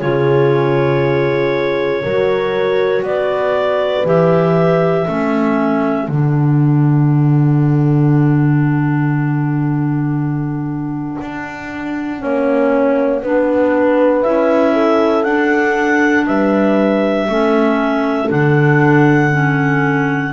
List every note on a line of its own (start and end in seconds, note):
0.00 2.05 C#3
0.00 2.04 F4
0.00 2.03 G#4
0.00 3.05 C#5
2.03 3.03 F#3
2.03 4.06 F#4
2.03 3.05 A#4
3.03 4.04 B3
3.03 5.09 B4
3.03 4.07 D5
4.05 5.07 E3
4.05 5.07 G4
4.05 6.09 E5
5.07 6.09 A3
5.07 6.09 C#4
5.07 12.21 A4
6.09 11.17 D3
6.09 12.19 D4
6.09 14.22 F#5
11.21 12.23 D4
12.19 13.23 A#3
12.19 13.20 C#4
12.19 13.23 C#5
13.23 14.25 B3
13.23 14.25 D4
13.23 14.73 B4
14.22 15.25 C#4
14.22 15.25 E4
14.22 15.24 E5
14.73 16.26 A4
15.24 16.26 D4
15.24 17.29 D4
15.24 16.26 F#5
16.26 17.29 G3
16.26 17.29 B4
16.26 18.30 E5
17.29 18.31 A3
17.29 18.28 C#4
17.29 20.33 A4
18.28 20.33 D3
18.28 19.30 D4
18.28 20.33 F#5
19.32 20.33 C#4